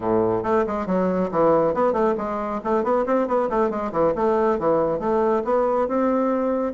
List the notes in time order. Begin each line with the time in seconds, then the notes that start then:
0.00 A2
0.43 A3
0.66 G#3
0.86 F#3
1.31 E3
1.74 B3
1.92 A3
2.17 G#3
2.64 A3
2.83 B3
3.06 C4
3.27 B3
3.49 A3
3.70 G#3
3.92 E3
4.15 A3
4.58 E3
4.99 A3
5.44 B3
5.88 C4